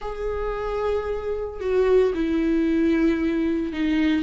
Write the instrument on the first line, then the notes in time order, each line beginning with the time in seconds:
viola
0.01 G#4
1.60 F#4
2.14 E4
3.72 D#4